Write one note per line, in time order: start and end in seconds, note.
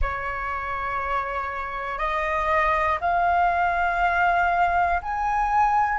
0.01 1.98 C#5
1.98 2.98 D#5
3.00 5.00 F5
5.02 5.98 G#5